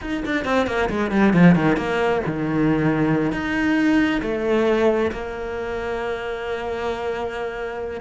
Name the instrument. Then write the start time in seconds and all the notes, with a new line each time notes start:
cello
0.01 D#4
0.25 D4
0.44 C4
0.66 A#3
0.89 G#3
1.11 G3
1.33 F3
1.55 D#3
1.77 A#3
2.26 D#3
3.32 D#4
4.22 A3
5.12 A#3